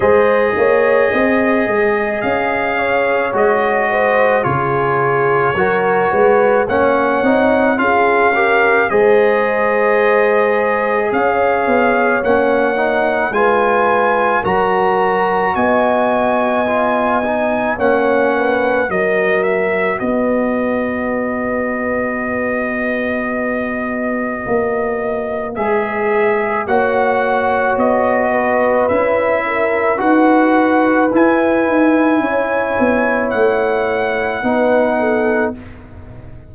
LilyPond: <<
  \new Staff \with { instrumentName = "trumpet" } { \time 4/4 \tempo 4 = 54 dis''2 f''4 dis''4 | cis''2 fis''4 f''4 | dis''2 f''4 fis''4 | gis''4 ais''4 gis''2 |
fis''4 dis''8 e''8 dis''2~ | dis''2. e''4 | fis''4 dis''4 e''4 fis''4 | gis''2 fis''2 | }
  \new Staff \with { instrumentName = "horn" } { \time 4/4 c''8 cis''8 dis''4. cis''4 c''8 | gis'4 ais'8 b'8 cis''4 gis'8 ais'8 | c''2 cis''2 | b'4 ais'4 dis''2 |
cis''8 b'8 ais'4 b'2~ | b'1 | cis''4. b'4 ais'8 b'4~ | b'4 cis''2 b'8 a'8 | }
  \new Staff \with { instrumentName = "trombone" } { \time 4/4 gis'2. fis'4 | f'4 fis'4 cis'8 dis'8 f'8 g'8 | gis'2. cis'8 dis'8 | f'4 fis'2 f'8 dis'8 |
cis'4 fis'2.~ | fis'2. gis'4 | fis'2 e'4 fis'4 | e'2. dis'4 | }
  \new Staff \with { instrumentName = "tuba" } { \time 4/4 gis8 ais8 c'8 gis8 cis'4 gis4 | cis4 fis8 gis8 ais8 c'8 cis'4 | gis2 cis'8 b8 ais4 | gis4 fis4 b2 |
ais4 fis4 b2~ | b2 ais4 gis4 | ais4 b4 cis'4 dis'4 | e'8 dis'8 cis'8 b8 a4 b4 | }
>>